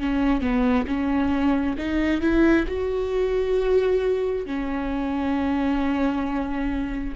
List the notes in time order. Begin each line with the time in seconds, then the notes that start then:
0.00 C#4
0.41 B3
0.88 C#4
1.78 D#4
2.21 E4
2.68 F#4
4.46 C#4